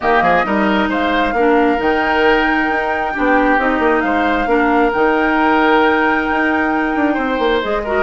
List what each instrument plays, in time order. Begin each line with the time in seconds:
0.00 bassoon D#3, clarinet A#3, oboe G4, flute D#5
0.21 bassoon F3, oboe G#4
0.45 bassoon G3, clarinet D#4, oboe A#4
0.88 bassoon G#3, oboe C5, flute F5
1.32 bassoon A#3, clarinet D4, oboe A#4
1.77 bassoon D#3, clarinet D#4, flute G5
2.69 bassoon D#4
3.13 bassoon B3, clarinet D4, oboe G4
3.58 bassoon C4, clarinet D#4, flute D#5
3.79 bassoon A#3
4.00 bassoon G#3, oboe C5, flute F5
4.46 bassoon A#3, clarinet D4, oboe A#4
4.92 bassoon D#3, clarinet D#4, flute G5
6.30 bassoon D#4
6.95 bassoon D4
7.14 bassoon C4, oboe C5
7.38 bassoon A#3
7.62 bassoon G#3, clarinet G#4, flute D#5
7.84 clarinet F#4, oboe A#4